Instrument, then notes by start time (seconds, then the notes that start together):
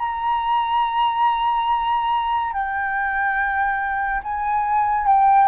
flute
0.00 A#5
2.54 G5
4.24 G#5
5.07 G5